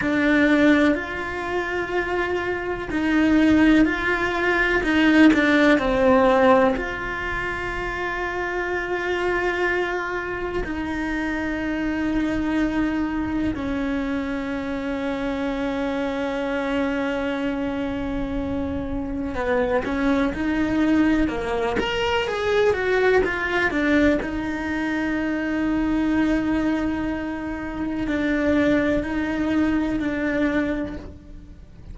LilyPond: \new Staff \with { instrumentName = "cello" } { \time 4/4 \tempo 4 = 62 d'4 f'2 dis'4 | f'4 dis'8 d'8 c'4 f'4~ | f'2. dis'4~ | dis'2 cis'2~ |
cis'1 | b8 cis'8 dis'4 ais8 ais'8 gis'8 fis'8 | f'8 d'8 dis'2.~ | dis'4 d'4 dis'4 d'4 | }